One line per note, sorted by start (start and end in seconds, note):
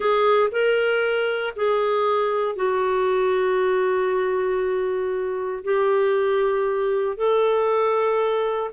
0.00 0.49 G#4
0.51 1.54 A#4
1.56 2.55 G#4
2.55 5.63 F#4
5.63 7.16 G4
7.16 8.70 A4